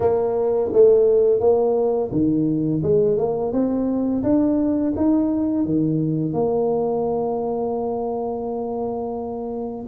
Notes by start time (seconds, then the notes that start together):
0.00 A#3
0.72 A3
1.39 A#3
2.11 D#3
2.82 G#3
3.17 A#3
3.52 C4
4.23 D4
4.96 D#4
5.65 D#3
6.33 A#3